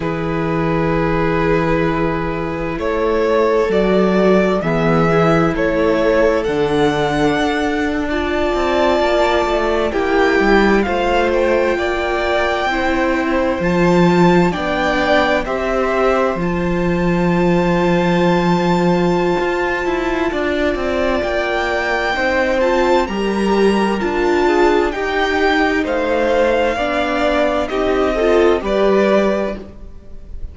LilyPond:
<<
  \new Staff \with { instrumentName = "violin" } { \time 4/4 \tempo 4 = 65 b'2. cis''4 | d''4 e''4 cis''4 fis''4~ | fis''8. a''2 g''4 f''16~ | f''16 g''2~ g''8 a''4 g''16~ |
g''8. e''4 a''2~ a''16~ | a''2. g''4~ | g''8 a''8 ais''4 a''4 g''4 | f''2 dis''4 d''4 | }
  \new Staff \with { instrumentName = "violin" } { \time 4/4 gis'2. a'4~ | a'4 gis'4 a'2~ | a'8. d''2 g'4 c''16~ | c''8. d''4 c''2 d''16~ |
d''8. c''2.~ c''16~ | c''2 d''2 | c''4 ais'4. gis'8 g'4 | c''4 d''4 g'8 a'8 b'4 | }
  \new Staff \with { instrumentName = "viola" } { \time 4/4 e'1 | fis'4 b8 e'4. d'4~ | d'8. f'2 e'4 f'16~ | f'4.~ f'16 e'4 f'4 d'16~ |
d'8. g'4 f'2~ f'16~ | f'1 | dis'8 f'8 g'4 f'4 dis'4~ | dis'4 d'4 dis'8 f'8 g'4 | }
  \new Staff \with { instrumentName = "cello" } { \time 4/4 e2. a4 | fis4 e4 a4 d4 | d'4~ d'16 c'8 ais8 a8 ais8 g8 a16~ | a8. ais4 c'4 f4 b16~ |
b8. c'4 f2~ f16~ | f4 f'8 e'8 d'8 c'8 ais4 | c'4 g4 d'4 dis'4 | a4 b4 c'4 g4 | }
>>